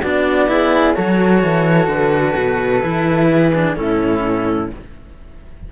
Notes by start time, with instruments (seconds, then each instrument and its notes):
0.00 cello B3 D4, flute F#4, clarinet D5
0.47 cello E4, flute G#4
0.93 cello F#3 F#4, flute A4, clarinet C#5
1.43 cello E3
1.87 cello D3, clarinet B4
2.36 cello B2
2.82 cello E3 E4
3.29 flute G#4
3.54 cello D4
3.76 cello A2 C#4, flute E4, clarinet A4